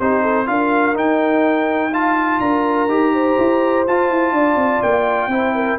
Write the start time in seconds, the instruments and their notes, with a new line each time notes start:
0.00 tuba C4, trombone D#4, horn G4, trumpet C5
0.23 horn A4
0.46 tuba D4, trombone F4, horn A#4, trumpet F5
0.94 trombone D#4, tuba D#4, trumpet G5
1.92 trombone F4, horn F5, trumpet A5
2.40 tuba D4, horn A#4, trumpet A#5
2.88 tuba D#4, trombone G4
3.14 horn C5
3.39 tuba E4
3.87 tuba F4, trombone F4, trumpet A5
4.10 tuba E4
4.32 tuba D4, horn D5
4.56 tuba C4
4.83 tuba A#3, trumpet G5
5.28 tuba C4, trombone E4, horn C5
5.55 horn A#4